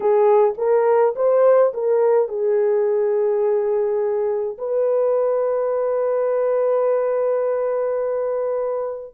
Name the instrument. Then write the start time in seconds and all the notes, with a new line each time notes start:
horn
0.00 G#4
0.57 A#4
1.15 C5
1.73 A#4
2.28 G#4
4.57 B4